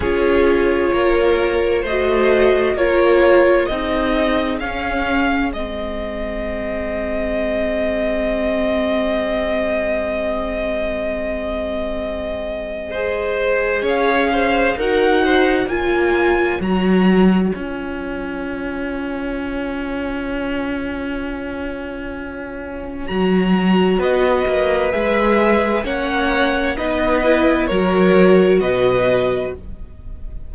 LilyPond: <<
  \new Staff \with { instrumentName = "violin" } { \time 4/4 \tempo 4 = 65 cis''2 dis''4 cis''4 | dis''4 f''4 dis''2~ | dis''1~ | dis''2. f''4 |
fis''4 gis''4 ais''4 gis''4~ | gis''1~ | gis''4 ais''4 dis''4 e''4 | fis''4 dis''4 cis''4 dis''4 | }
  \new Staff \with { instrumentName = "violin" } { \time 4/4 gis'4 ais'4 c''4 ais'4 | gis'1~ | gis'1~ | gis'2 c''4 cis''8 c''8 |
ais'8 c''8 cis''2.~ | cis''1~ | cis''2 b'2 | cis''4 b'4 ais'4 b'4 | }
  \new Staff \with { instrumentName = "viola" } { \time 4/4 f'2 fis'4 f'4 | dis'4 cis'4 c'2~ | c'1~ | c'2 gis'2 |
fis'4 f'4 fis'4 f'4~ | f'1~ | f'4 fis'2 gis'4 | cis'4 dis'8 e'8 fis'2 | }
  \new Staff \with { instrumentName = "cello" } { \time 4/4 cis'4 ais4 a4 ais4 | c'4 cis'4 gis2~ | gis1~ | gis2. cis'4 |
dis'4 ais4 fis4 cis'4~ | cis'1~ | cis'4 fis4 b8 ais8 gis4 | ais4 b4 fis4 b,4 | }
>>